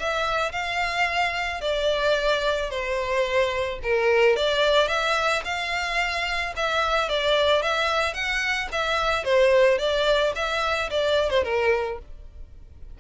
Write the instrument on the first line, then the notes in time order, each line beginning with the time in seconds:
violin
0.00 E5
0.52 F5
1.61 D5
2.70 C5
3.84 A#4
4.37 D5
4.88 E5
5.45 F5
6.57 E5
7.10 D5
7.62 E5
8.14 F#5
8.72 E5
9.25 C5
9.79 D5
10.36 E5
10.90 D5
11.31 C5
11.44 A#4